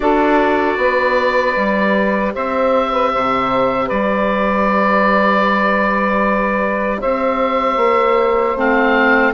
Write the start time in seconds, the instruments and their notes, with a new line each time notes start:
0.00 bassoon D4, clarinet F#4, saxophone A4, oboe D5
0.77 bassoon B3, saxophone B4
1.55 bassoon G3, clarinet G4
2.34 bassoon C4, saxophone C5, oboe E5
2.91 saxophone B4
3.13 bassoon C3, saxophone C5
3.86 bassoon G3, saxophone B4, oboe D5
7.00 bassoon C4, saxophone C5, oboe E5
7.76 bassoon A#3
8.55 bassoon A3, clarinet C4, oboe F5